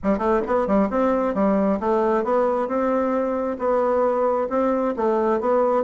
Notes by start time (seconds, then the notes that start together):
0.03 G3
0.18 A3
0.46 B3
0.67 G3
0.90 C4
1.34 G3
1.80 A3
2.23 B3
2.67 C4
3.58 B3
4.49 C4
4.96 A3
5.40 B3